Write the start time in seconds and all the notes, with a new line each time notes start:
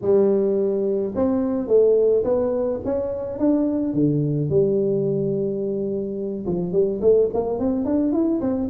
0.01 G3
1.15 C4
1.67 A3
2.24 B3
2.84 C#4
3.38 D4
3.93 D3
4.49 G3
6.46 F3
6.72 G3
7.01 A3
7.33 A#3
7.59 C4
7.85 D4
8.12 E4
8.41 C4